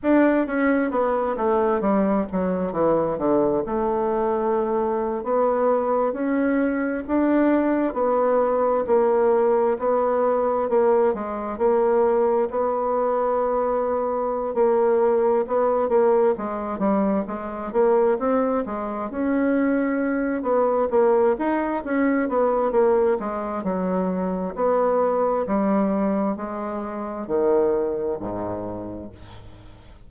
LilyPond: \new Staff \with { instrumentName = "bassoon" } { \time 4/4 \tempo 4 = 66 d'8 cis'8 b8 a8 g8 fis8 e8 d8 | a4.~ a16 b4 cis'4 d'16~ | d'8. b4 ais4 b4 ais16~ | ais16 gis8 ais4 b2~ b16 |
ais4 b8 ais8 gis8 g8 gis8 ais8 | c'8 gis8 cis'4. b8 ais8 dis'8 | cis'8 b8 ais8 gis8 fis4 b4 | g4 gis4 dis4 gis,4 | }